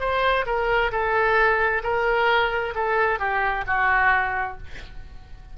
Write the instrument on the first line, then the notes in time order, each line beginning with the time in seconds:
oboe
0.00 C5
0.46 A#4
0.92 A4
1.83 A#4
2.75 A4
3.19 G4
3.67 F#4